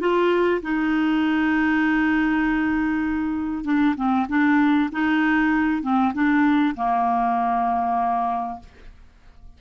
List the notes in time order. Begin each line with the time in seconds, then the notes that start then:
0.00 F4
0.63 D#4
3.65 D4
3.97 C4
4.29 D4
4.92 D#4
5.82 C4
6.14 D4
6.76 A#3